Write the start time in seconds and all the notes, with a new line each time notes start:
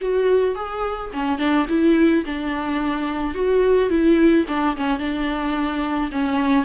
0.01 F#4
0.55 G#4
1.13 C#4
1.38 D4
1.68 E4
2.25 D4
3.34 F#4
3.89 E4
4.48 D4
4.76 C#4
4.99 D4
6.11 C#4